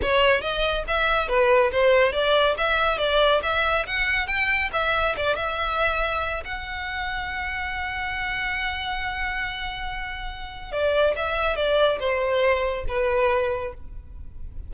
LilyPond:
\new Staff \with { instrumentName = "violin" } { \time 4/4 \tempo 4 = 140 cis''4 dis''4 e''4 b'4 | c''4 d''4 e''4 d''4 | e''4 fis''4 g''4 e''4 | d''8 e''2~ e''8 fis''4~ |
fis''1~ | fis''1~ | fis''4 d''4 e''4 d''4 | c''2 b'2 | }